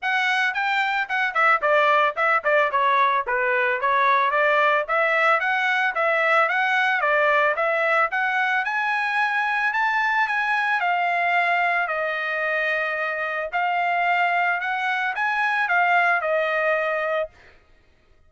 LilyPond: \new Staff \with { instrumentName = "trumpet" } { \time 4/4 \tempo 4 = 111 fis''4 g''4 fis''8 e''8 d''4 | e''8 d''8 cis''4 b'4 cis''4 | d''4 e''4 fis''4 e''4 | fis''4 d''4 e''4 fis''4 |
gis''2 a''4 gis''4 | f''2 dis''2~ | dis''4 f''2 fis''4 | gis''4 f''4 dis''2 | }